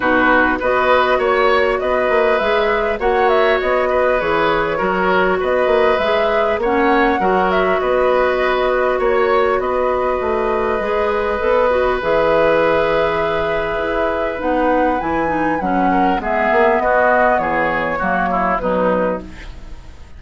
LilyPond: <<
  \new Staff \with { instrumentName = "flute" } { \time 4/4 \tempo 4 = 100 b'4 dis''4 cis''4 dis''4 | e''4 fis''8 e''8 dis''4 cis''4~ | cis''4 dis''4 e''4 fis''4~ | fis''8 e''8 dis''2 cis''4 |
dis''1 | e''1 | fis''4 gis''4 fis''4 e''4 | dis''4 cis''2 b'4 | }
  \new Staff \with { instrumentName = "oboe" } { \time 4/4 fis'4 b'4 cis''4 b'4~ | b'4 cis''4. b'4. | ais'4 b'2 cis''4 | ais'4 b'2 cis''4 |
b'1~ | b'1~ | b'2~ b'8 ais'8 gis'4 | fis'4 gis'4 fis'8 e'8 dis'4 | }
  \new Staff \with { instrumentName = "clarinet" } { \time 4/4 dis'4 fis'2. | gis'4 fis'2 gis'4 | fis'2 gis'4 cis'4 | fis'1~ |
fis'2 gis'4 a'8 fis'8 | gis'1 | dis'4 e'8 dis'8 cis'4 b4~ | b2 ais4 fis4 | }
  \new Staff \with { instrumentName = "bassoon" } { \time 4/4 b,4 b4 ais4 b8 ais8 | gis4 ais4 b4 e4 | fis4 b8 ais8 gis4 ais4 | fis4 b2 ais4 |
b4 a4 gis4 b4 | e2. e'4 | b4 e4 fis4 gis8 ais8 | b4 e4 fis4 b,4 | }
>>